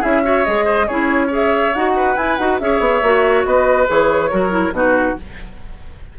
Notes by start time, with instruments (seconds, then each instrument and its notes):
0.00 bassoon C#4, clarinet E4, oboe G#4, flute E5
0.24 clarinet F#4, oboe C#5
0.45 bassoon G#3, clarinet G#4, flute D#5
0.65 oboe C5
0.87 bassoon C#4, clarinet E4, oboe G#4, flute C#5
1.27 clarinet G#4, oboe C#5
1.35 flute E5
1.75 bassoon D#4, clarinet F#4, flute F#5
1.96 oboe B4
2.17 bassoon E4, clarinet E4, flute G#5
2.37 bassoon D#4, clarinet F#4, flute F#5
2.59 bassoon C#4, clarinet G#4, oboe C#5, flute E5
2.80 bassoon B3
3.02 bassoon A#3, clarinet F#4
3.45 bassoon B3, oboe B4, flute D#5
3.87 bassoon E3, clarinet G#4, flute C#5
4.31 bassoon F#3, clarinet F#4, oboe A#4
4.51 clarinet E4
4.72 bassoon B2, clarinet D#4, oboe F#4, flute B4